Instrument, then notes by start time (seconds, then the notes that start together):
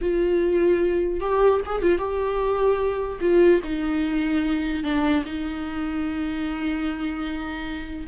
viola
0.01 F4
1.20 G4
1.65 G#4
1.81 F4
1.98 G4
3.20 F4
3.63 D#4
4.83 D4
5.25 D#4